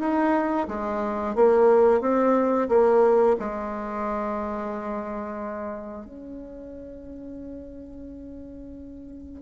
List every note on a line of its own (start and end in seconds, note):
0.00 0.67 D#4
0.68 1.35 G#3
1.35 2.01 A#3
2.01 2.68 C4
2.69 3.37 A#3
3.39 6.06 G#3
6.06 9.43 C#4